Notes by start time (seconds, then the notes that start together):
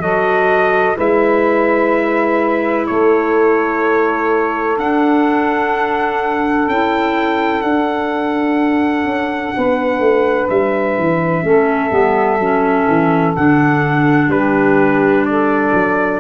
0.00 F#3 F#4 A4 D#5
0.96 G#3 E4 B4 E5
2.87 A3 A4 C#5
4.77 D4 F#5
6.67 C#4 E4 G5
7.62 D4 F#5
9.05 C#4
9.56 B3 B4
10.00 A3
10.50 G3 E5
10.98 E3
11.42 A3 C#4 A4
11.90 G3 B3
12.39 F#3 C#4
12.87 E3
13.36 D3 D4 F#5
14.28 G3 G4 B4
15.26 A4 D5
15.73 F#3